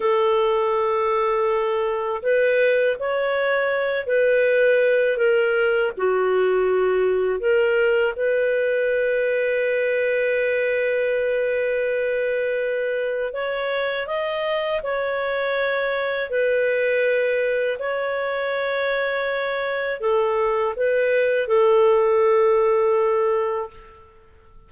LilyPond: \new Staff \with { instrumentName = "clarinet" } { \time 4/4 \tempo 4 = 81 a'2. b'4 | cis''4. b'4. ais'4 | fis'2 ais'4 b'4~ | b'1~ |
b'2 cis''4 dis''4 | cis''2 b'2 | cis''2. a'4 | b'4 a'2. | }